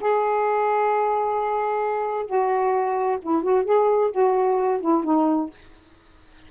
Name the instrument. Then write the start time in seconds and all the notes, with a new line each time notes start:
saxophone
0.00 G#4
2.26 F#4
3.22 E4
3.43 F#4
3.65 G#4
4.11 F#4
4.81 E4
5.04 D#4